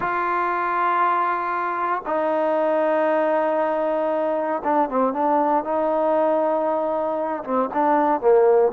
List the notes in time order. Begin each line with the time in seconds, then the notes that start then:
0.00 F4
2.06 D#4
4.64 D4
4.89 C4
5.13 D4
5.64 D#4
7.44 C4
7.73 D4
8.21 A#3